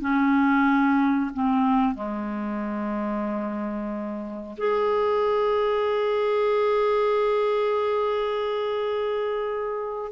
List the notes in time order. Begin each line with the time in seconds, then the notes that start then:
0.00 C#4
1.34 C4
1.95 G#3
4.57 G#4